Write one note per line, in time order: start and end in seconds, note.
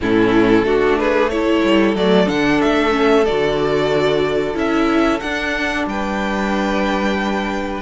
0.01 0.63 A2
0.01 0.65 C#4
0.01 0.66 E4
0.01 0.98 A4
0.63 1.61 A3
0.63 1.30 D4
0.63 0.98 F#4
0.98 1.32 G#4
0.98 1.29 B4
1.29 1.96 E4
1.29 5.89 A4
1.29 1.95 C#5
1.63 1.95 G3
1.95 2.27 F#3
1.95 2.26 A3
1.95 2.28 D5
2.26 2.61 D3
2.26 2.90 D4
2.26 2.61 F#5
2.61 3.28 A3
2.61 3.25 E5
2.90 3.23 C#4
3.25 4.55 D3
3.25 4.54 F#4
3.25 4.55 D5
4.54 5.20 C#4
4.54 5.19 E4
4.54 5.20 E5
5.20 7.82 D4
5.20 5.86 D4
5.20 5.85 F#5
5.86 7.82 G3
5.86 7.82 B4
5.86 7.82 G5